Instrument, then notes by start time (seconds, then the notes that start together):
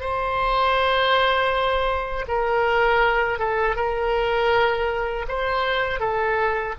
oboe
0.00 C5
2.28 A#4
3.39 A4
3.76 A#4
5.28 C5
6.00 A4